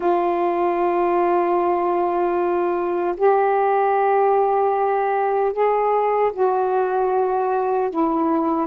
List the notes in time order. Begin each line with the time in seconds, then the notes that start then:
0.00 F4
3.17 G4
5.52 G#4
6.33 F#4
7.90 E4